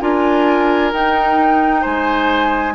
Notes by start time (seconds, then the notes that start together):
0.00 D4 F4 A#4 G#5
0.93 D#4 G5
1.81 G#3 C5 G#5